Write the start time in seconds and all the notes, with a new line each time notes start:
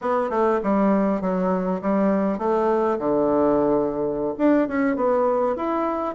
0.01 B3
0.30 A3
0.63 G3
1.21 F#3
1.81 G3
2.38 A3
2.98 D3
4.38 D4
4.68 C#4
4.96 B3
5.56 E4